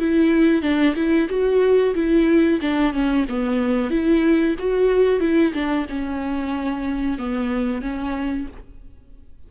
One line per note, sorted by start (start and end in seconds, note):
0.00 0.63 E4
0.63 0.95 D4
0.96 1.29 E4
1.30 1.95 F#4
1.95 2.60 E4
2.62 2.93 D4
2.93 3.26 C#4
3.29 3.91 B3
3.91 4.56 E4
4.59 5.21 F#4
5.21 5.53 E4
5.54 5.87 D4
5.90 7.19 C#4
7.19 7.82 B3
7.82 8.48 C#4